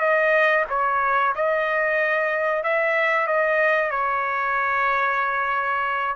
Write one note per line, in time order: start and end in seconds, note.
0.00 0.65 D#5
0.70 1.34 C#5
1.35 2.63 D#5
2.63 3.27 E5
3.27 3.90 D#5
3.90 6.16 C#5